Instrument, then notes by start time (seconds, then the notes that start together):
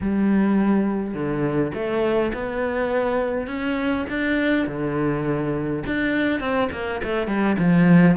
cello
0.00 G3
1.14 D3
1.74 A3
2.33 B3
3.47 C#4
4.09 D4
4.67 D3
5.86 D4
6.39 C4
6.71 A#3
7.03 A3
7.27 G3
7.58 F3